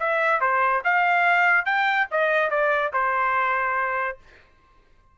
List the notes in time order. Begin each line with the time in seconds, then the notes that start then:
0.00 E5
0.41 C5
0.85 F5
1.66 G5
2.12 D#5
2.51 D5
2.94 C5